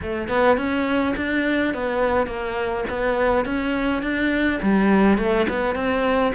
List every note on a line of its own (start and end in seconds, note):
0.02 0.28 A3
0.28 0.57 B3
0.57 1.15 C#4
1.16 1.74 D4
1.74 2.27 B3
2.27 2.84 A#3
2.89 3.45 B3
3.45 4.02 C#4
4.02 4.60 D4
4.62 5.18 G3
5.18 5.47 A3
5.49 5.75 B3
5.75 6.32 C4